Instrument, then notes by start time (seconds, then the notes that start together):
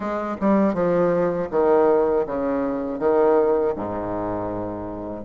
bassoon
0.00 G#3
0.41 G3
0.74 F3
1.50 D#3
2.26 C#3
2.99 D#3
3.75 G#2